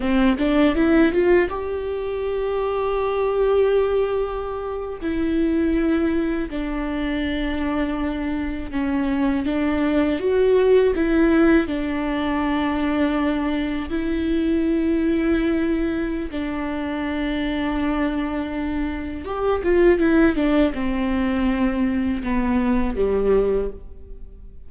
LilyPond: \new Staff \with { instrumentName = "viola" } { \time 4/4 \tempo 4 = 81 c'8 d'8 e'8 f'8 g'2~ | g'2~ g'8. e'4~ e'16~ | e'8. d'2. cis'16~ | cis'8. d'4 fis'4 e'4 d'16~ |
d'2~ d'8. e'4~ e'16~ | e'2 d'2~ | d'2 g'8 f'8 e'8 d'8 | c'2 b4 g4 | }